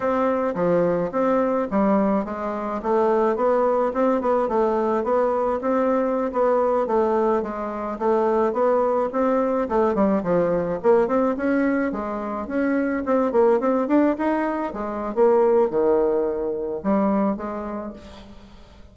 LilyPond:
\new Staff \with { instrumentName = "bassoon" } { \time 4/4 \tempo 4 = 107 c'4 f4 c'4 g4 | gis4 a4 b4 c'8 b8 | a4 b4 c'4~ c'16 b8.~ | b16 a4 gis4 a4 b8.~ |
b16 c'4 a8 g8 f4 ais8 c'16~ | c'16 cis'4 gis4 cis'4 c'8 ais16~ | ais16 c'8 d'8 dis'4 gis8. ais4 | dis2 g4 gis4 | }